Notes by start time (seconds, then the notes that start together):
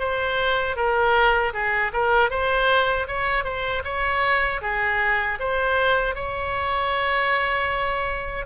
0.00 C5
0.77 A#4
1.54 G#4
1.93 A#4
2.31 C5
3.08 C#5
3.44 C5
3.85 C#5
4.62 G#4
5.40 C5
6.15 C#5